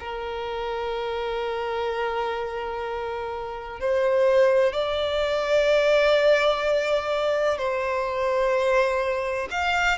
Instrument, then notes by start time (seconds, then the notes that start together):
violin
0.00 A#4
3.80 C5
4.73 D5
7.58 C5
9.51 F5